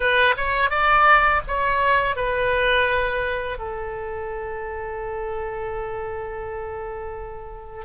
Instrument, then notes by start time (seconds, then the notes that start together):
oboe
0.00 B4
0.36 C#5
0.70 D5
1.47 C#5
2.16 B4
3.58 A4